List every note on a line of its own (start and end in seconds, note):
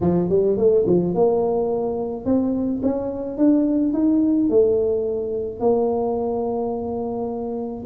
0.01 0.29 F3
0.29 0.57 G3
0.57 0.85 A3
0.86 1.14 F3
1.14 2.25 A#3
2.25 2.81 C4
2.82 3.37 C#4
3.37 3.93 D4
3.93 4.49 D#4
4.49 5.60 A3
5.60 7.84 A#3